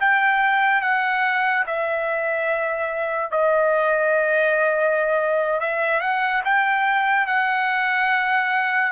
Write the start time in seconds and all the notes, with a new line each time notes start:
0.00 G5
0.81 F#5
1.66 E5
3.31 D#5
5.60 E5
6.00 F#5
6.44 G5
7.27 F#5